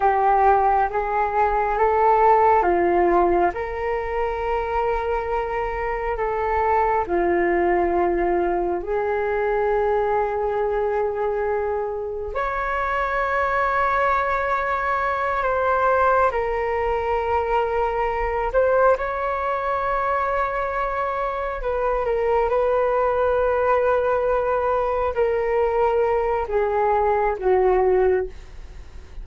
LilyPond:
\new Staff \with { instrumentName = "flute" } { \time 4/4 \tempo 4 = 68 g'4 gis'4 a'4 f'4 | ais'2. a'4 | f'2 gis'2~ | gis'2 cis''2~ |
cis''4. c''4 ais'4.~ | ais'4 c''8 cis''2~ cis''8~ | cis''8 b'8 ais'8 b'2~ b'8~ | b'8 ais'4. gis'4 fis'4 | }